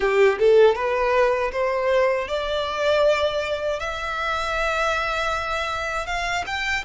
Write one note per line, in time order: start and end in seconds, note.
0.00 0.38 G4
0.38 0.75 A4
0.75 1.51 B4
1.52 2.28 C5
2.28 3.79 D5
3.79 6.06 E5
6.06 6.44 F5
6.46 6.84 G5